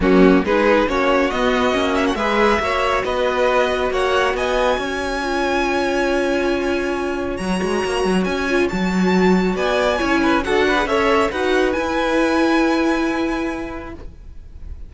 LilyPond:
<<
  \new Staff \with { instrumentName = "violin" } { \time 4/4 \tempo 4 = 138 fis'4 b'4 cis''4 dis''4~ | dis''8 e''16 fis''16 e''2 dis''4~ | dis''4 fis''4 gis''2~ | gis''1~ |
gis''4 ais''2 gis''4 | a''2 gis''2 | fis''4 e''4 fis''4 gis''4~ | gis''1 | }
  \new Staff \with { instrumentName = "violin" } { \time 4/4 cis'4 gis'4 fis'2~ | fis'4 b'4 cis''4 b'4~ | b'4 cis''4 dis''4 cis''4~ | cis''1~ |
cis''1~ | cis''2 d''4 cis''8 b'8 | a'8 b'8 cis''4 b'2~ | b'1 | }
  \new Staff \with { instrumentName = "viola" } { \time 4/4 ais4 dis'4 cis'4 b4 | cis'4 gis'4 fis'2~ | fis'1 | f'1~ |
f'4 fis'2~ fis'8 f'8 | fis'2. e'4 | fis'8. gis'16 a'4 fis'4 e'4~ | e'1 | }
  \new Staff \with { instrumentName = "cello" } { \time 4/4 fis4 gis4 ais4 b4 | ais4 gis4 ais4 b4~ | b4 ais4 b4 cis'4~ | cis'1~ |
cis'4 fis8 gis8 ais8 fis8 cis'4 | fis2 b4 cis'4 | d'4 cis'4 dis'4 e'4~ | e'1 | }
>>